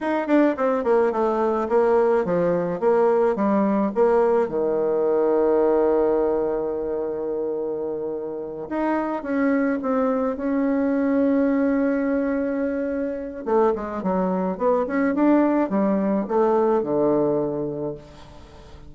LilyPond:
\new Staff \with { instrumentName = "bassoon" } { \time 4/4 \tempo 4 = 107 dis'8 d'8 c'8 ais8 a4 ais4 | f4 ais4 g4 ais4 | dis1~ | dis2.~ dis8 dis'8~ |
dis'8 cis'4 c'4 cis'4.~ | cis'1 | a8 gis8 fis4 b8 cis'8 d'4 | g4 a4 d2 | }